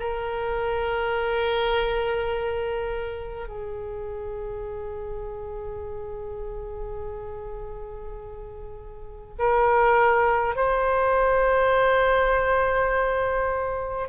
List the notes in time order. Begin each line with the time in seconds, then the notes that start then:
0.00 A#4
3.48 G#4
9.39 A#4
10.56 C5